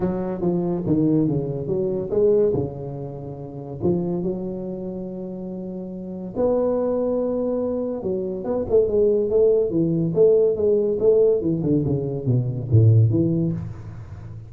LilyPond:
\new Staff \with { instrumentName = "tuba" } { \time 4/4 \tempo 4 = 142 fis4 f4 dis4 cis4 | fis4 gis4 cis2~ | cis4 f4 fis2~ | fis2. b4~ |
b2. fis4 | b8 a8 gis4 a4 e4 | a4 gis4 a4 e8 d8 | cis4 b,4 a,4 e4 | }